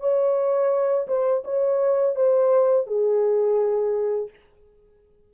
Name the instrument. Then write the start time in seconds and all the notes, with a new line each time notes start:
horn
0.00 C#5
1.08 C5
1.44 C#5
2.16 C5
2.87 G#4